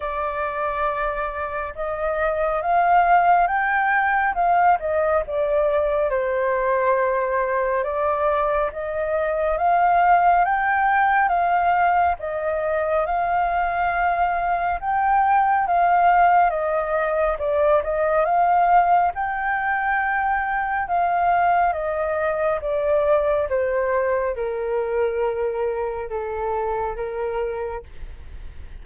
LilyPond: \new Staff \with { instrumentName = "flute" } { \time 4/4 \tempo 4 = 69 d''2 dis''4 f''4 | g''4 f''8 dis''8 d''4 c''4~ | c''4 d''4 dis''4 f''4 | g''4 f''4 dis''4 f''4~ |
f''4 g''4 f''4 dis''4 | d''8 dis''8 f''4 g''2 | f''4 dis''4 d''4 c''4 | ais'2 a'4 ais'4 | }